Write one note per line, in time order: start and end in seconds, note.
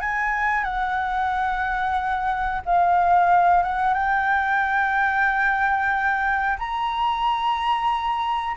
0.00 0.63 G#5
0.63 2.61 F#5
2.65 3.63 F5
3.63 3.94 F#5
3.94 6.57 G5
6.58 8.56 A#5